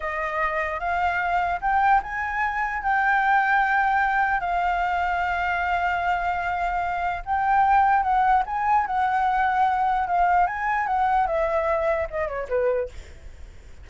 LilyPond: \new Staff \with { instrumentName = "flute" } { \time 4/4 \tempo 4 = 149 dis''2 f''2 | g''4 gis''2 g''4~ | g''2. f''4~ | f''1~ |
f''2 g''2 | fis''4 gis''4 fis''2~ | fis''4 f''4 gis''4 fis''4 | e''2 dis''8 cis''8 b'4 | }